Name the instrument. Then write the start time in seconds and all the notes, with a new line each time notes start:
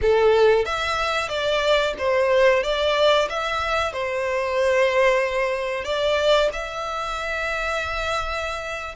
violin
0.01 A4
0.65 E5
1.29 D5
1.98 C5
2.63 D5
3.29 E5
3.92 C5
5.84 D5
6.52 E5